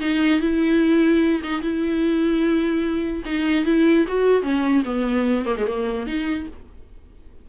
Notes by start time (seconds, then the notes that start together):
0.00 D#4
0.40 E4
1.43 D#4
1.61 E4
3.25 D#4
3.65 E4
4.07 F#4
4.42 C#4
4.84 B3
5.45 A#3
5.57 G#3
5.66 A#3
6.06 D#4